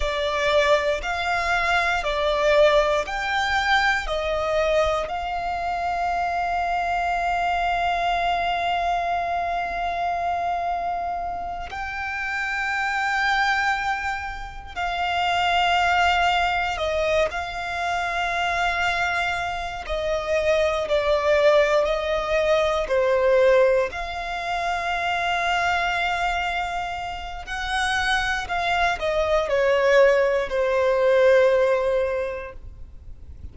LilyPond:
\new Staff \with { instrumentName = "violin" } { \time 4/4 \tempo 4 = 59 d''4 f''4 d''4 g''4 | dis''4 f''2.~ | f''2.~ f''8 g''8~ | g''2~ g''8 f''4.~ |
f''8 dis''8 f''2~ f''8 dis''8~ | dis''8 d''4 dis''4 c''4 f''8~ | f''2. fis''4 | f''8 dis''8 cis''4 c''2 | }